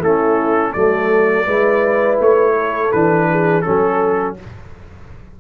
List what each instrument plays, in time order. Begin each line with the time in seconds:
0.00 tuba A3, trombone C#4, horn E4, trumpet A4
0.73 tuba F#3, trombone A3, horn A4, trumpet D5
1.46 tuba G#3, trombone E4, horn B4
2.20 tuba A3, trumpet C#5
2.57 horn A4
2.92 tuba E3, trombone D4, trumpet B4
3.31 horn G#4
3.62 trombone C#4, trumpet A4, horn A4
3.68 tuba F#3